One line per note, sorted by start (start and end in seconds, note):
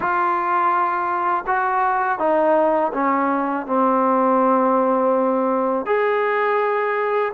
0.00 1.45 F4
1.46 2.19 F#4
2.19 2.92 D#4
2.93 3.66 C#4
3.66 5.85 C4
5.85 7.32 G#4